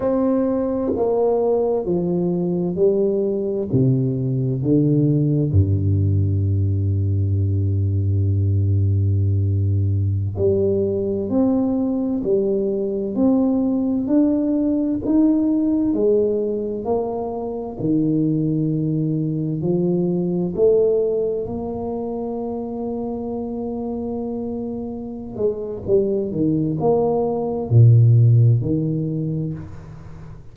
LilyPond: \new Staff \with { instrumentName = "tuba" } { \time 4/4 \tempo 4 = 65 c'4 ais4 f4 g4 | c4 d4 g,2~ | g,2.~ g,16 g8.~ | g16 c'4 g4 c'4 d'8.~ |
d'16 dis'4 gis4 ais4 dis8.~ | dis4~ dis16 f4 a4 ais8.~ | ais2.~ ais8 gis8 | g8 dis8 ais4 ais,4 dis4 | }